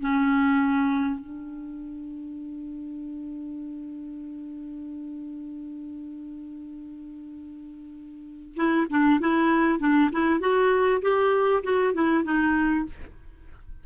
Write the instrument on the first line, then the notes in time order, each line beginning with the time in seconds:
clarinet
0.00 C#4
1.20 D4
8.56 E4
8.89 D4
9.20 E4
9.79 D4
10.12 E4
10.40 F#4
11.01 G4
11.63 F#4
11.94 E4
12.24 D#4